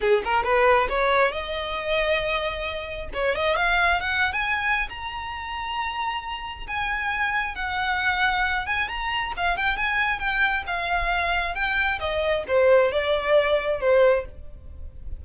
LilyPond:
\new Staff \with { instrumentName = "violin" } { \time 4/4 \tempo 4 = 135 gis'8 ais'8 b'4 cis''4 dis''4~ | dis''2. cis''8 dis''8 | f''4 fis''8. gis''4~ gis''16 ais''4~ | ais''2. gis''4~ |
gis''4 fis''2~ fis''8 gis''8 | ais''4 f''8 g''8 gis''4 g''4 | f''2 g''4 dis''4 | c''4 d''2 c''4 | }